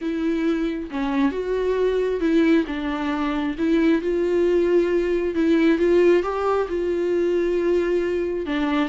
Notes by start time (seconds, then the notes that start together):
0.01 E4
0.90 C#4
1.31 F#4
2.20 E4
2.67 D4
3.58 E4
4.01 F4
5.34 E4
5.78 F4
6.23 G4
6.68 F4
8.45 D4